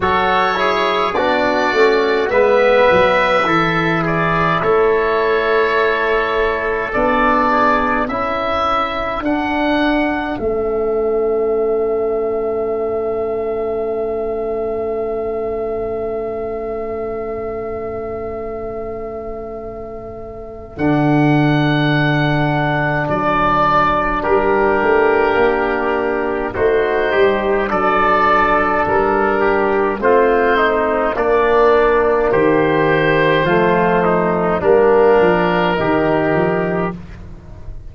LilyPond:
<<
  \new Staff \with { instrumentName = "oboe" } { \time 4/4 \tempo 4 = 52 cis''4 d''4 e''4. d''8 | cis''2 d''4 e''4 | fis''4 e''2.~ | e''1~ |
e''2 fis''2 | d''4 ais'2 c''4 | d''4 ais'4 c''4 d''4 | c''2 ais'2 | }
  \new Staff \with { instrumentName = "trumpet" } { \time 4/4 a'8 gis'8 fis'4 b'4 a'8 gis'8 | a'2~ a'8 gis'8 a'4~ | a'1~ | a'1~ |
a'1~ | a'4 g'2 fis'8 g'8 | a'4. g'8 f'8 dis'8 d'4 | g'4 f'8 dis'8 d'4 g'4 | }
  \new Staff \with { instrumentName = "trombone" } { \time 4/4 fis'8 e'8 d'8 cis'8 b4 e'4~ | e'2 d'4 e'4 | d'4 cis'2.~ | cis'1~ |
cis'2 d'2~ | d'2. dis'4 | d'2 c'4 ais4~ | ais4 a4 ais4 dis'4 | }
  \new Staff \with { instrumentName = "tuba" } { \time 4/4 fis4 b8 a8 gis8 fis8 e4 | a2 b4 cis'4 | d'4 a2.~ | a1~ |
a2 d2 | fis4 g8 a8 ais4 a8 g8 | fis4 g4 a4 ais4 | dis4 f4 g8 f8 dis8 f8 | }
>>